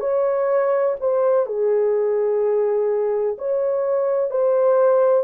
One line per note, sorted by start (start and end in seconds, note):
0.00 0.95 C#5
1.00 1.46 C5
1.46 3.36 G#4
3.38 4.30 C#5
4.30 5.24 C5